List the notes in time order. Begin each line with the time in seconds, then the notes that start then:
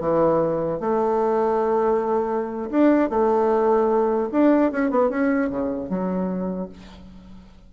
0.00 E3
0.80 A3
2.71 D4
3.10 A3
4.32 D4
4.72 C#4
4.91 B3
5.10 C#4
5.50 C#3
5.89 F#3